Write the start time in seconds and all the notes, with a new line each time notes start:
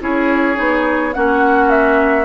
0.00 C#4 E4 G#4 C#5
0.55 B3 D#4
1.14 A#3 C#4 F#4 F#5
1.70 E5